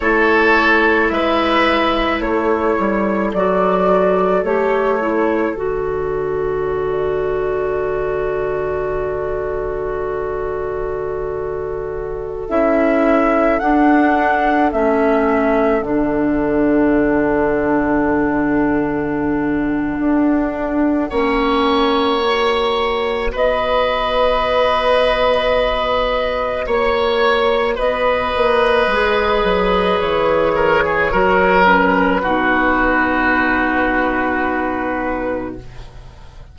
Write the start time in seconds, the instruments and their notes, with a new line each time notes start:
0.00 bassoon A3, clarinet E4, oboe A4, flute C#5
1.09 bassoon G#3, oboe B4, flute E5
2.20 bassoon A3, oboe A4, flute C#5
2.78 bassoon G3
3.33 bassoon F#3, clarinet F#4, flute D5
4.43 bassoon A3, clarinet G4, flute C#5
5.00 clarinet E4
5.51 bassoon D3, clarinet F#4, flute D5
12.49 bassoon C#4, clarinet E4, flute E5
13.59 clarinet D4, bassoon D4, flute F#5
14.72 bassoon A3, clarinet C#4, flute E5
15.81 bassoon D3, clarinet D4, flute F#5
19.99 bassoon D4
21.09 bassoon A#3, clarinet C#4, oboe C#5
22.20 clarinet F#4
23.31 bassoon B3, oboe B4, flute D#5
26.66 bassoon A#3, oboe C#5, flute C#5
27.74 bassoon B3, oboe B4, flute D#5
28.35 bassoon A#3
28.86 bassoon G#3, clarinet G#4
29.43 bassoon F#3
29.99 bassoon E3, flute C#5
30.55 oboe A#4
30.85 oboe G#4
31.11 bassoon F#3, clarinet F#4, oboe A#4
31.65 clarinet C#4, flute B4
32.22 bassoon B2, clarinet D#4, oboe F#4